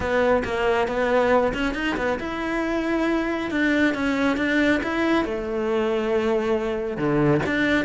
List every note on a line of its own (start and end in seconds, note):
0.00 0.43 B3
0.44 0.87 A#3
0.87 1.53 B3
1.53 1.74 C#4
1.74 1.96 D#4
1.96 2.18 B3
2.19 3.50 E4
3.50 3.94 D4
3.94 4.37 C#4
4.37 4.80 D4
4.83 5.24 E4
5.24 6.97 A3
6.97 7.41 D3
7.46 7.85 D4